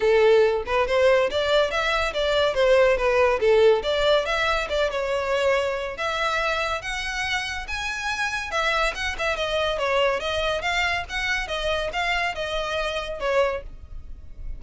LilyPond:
\new Staff \with { instrumentName = "violin" } { \time 4/4 \tempo 4 = 141 a'4. b'8 c''4 d''4 | e''4 d''4 c''4 b'4 | a'4 d''4 e''4 d''8 cis''8~ | cis''2 e''2 |
fis''2 gis''2 | e''4 fis''8 e''8 dis''4 cis''4 | dis''4 f''4 fis''4 dis''4 | f''4 dis''2 cis''4 | }